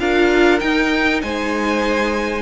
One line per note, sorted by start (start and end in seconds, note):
0.00 0.61 D4
0.00 0.61 F4
0.00 1.23 A#4
0.00 0.59 F5
0.59 2.42 D#4
0.59 1.23 D#4
0.59 1.21 G5
1.22 2.42 G#3
1.22 2.42 C5
1.22 2.42 G#5